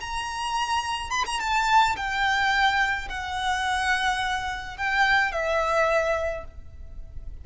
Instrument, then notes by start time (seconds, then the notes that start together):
violin
0.00 A#5
1.10 B5
1.26 A#5
1.40 A5
1.96 G5
3.09 F#5
4.77 G5
5.32 E5